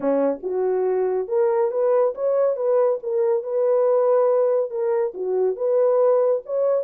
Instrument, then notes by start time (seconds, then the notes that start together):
horn
0.00 C#4
0.43 F#4
1.28 A#4
1.71 B4
2.14 C#5
2.56 B4
3.02 A#4
3.43 B4
4.70 A#4
5.14 F#4
5.56 B4
6.45 C#5